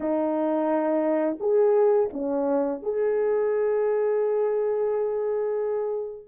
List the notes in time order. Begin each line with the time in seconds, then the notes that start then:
0.00 D#4
1.40 G#4
2.12 C#4
2.82 G#4